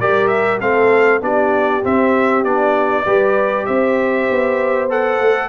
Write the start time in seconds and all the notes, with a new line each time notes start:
0.00 G3 G4 A#4 D5
0.28 E5
0.61 A3 C4 A4 F5
1.21 B3 D4 G4 D5
1.83 C4 E5
2.45 B3 D4 D5
3.05 G3 G4 B4
3.66 C4 C5 E5
4.30 B3
4.90 A4 F#5
5.20 A3